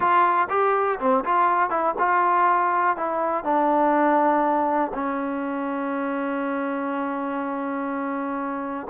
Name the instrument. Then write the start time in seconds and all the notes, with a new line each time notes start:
trombone
0.00 F4
0.49 G4
0.99 C4
1.24 F4
1.70 E4
1.98 F4
2.96 E4
3.44 D4
4.93 C#4